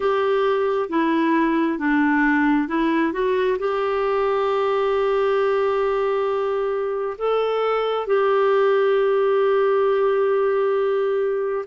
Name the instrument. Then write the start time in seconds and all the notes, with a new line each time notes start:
clarinet
0.00 G4
0.89 E4
1.78 D4
2.68 E4
3.12 F#4
3.58 G4
7.18 A4
8.06 G4